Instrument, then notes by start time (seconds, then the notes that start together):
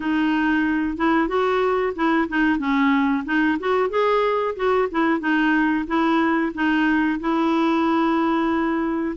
clarinet
0.00 D#4
0.97 E4
1.27 F#4
1.95 E4
2.28 D#4
2.58 C#4
3.25 D#4
3.59 F#4
3.89 G#4
4.55 F#4
4.91 E4
5.20 D#4
5.87 E4
6.54 D#4
7.20 E4